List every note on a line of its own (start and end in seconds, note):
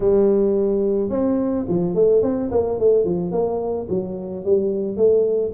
0.00 1.09 G3
1.09 1.65 C4
1.68 1.94 F3
1.94 2.22 A3
2.22 2.50 C4
2.51 2.79 A#3
2.79 3.05 A3
3.05 3.31 F3
3.31 3.87 A#3
3.89 4.44 F#3
4.44 4.96 G3
4.96 5.52 A3